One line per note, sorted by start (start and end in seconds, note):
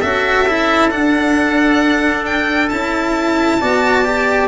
0.00 0.93 C#4
0.00 0.47 F#4
0.00 3.58 A4
0.00 0.90 E5
0.49 0.91 E4
0.90 2.70 D4
0.90 2.71 D4
0.90 2.25 F#5
2.25 2.69 G5
2.69 3.61 C#4
2.69 3.61 E4
2.69 4.48 A5
3.61 4.48 B3
3.61 4.04 F#4
3.61 4.48 D5
4.04 4.48 G4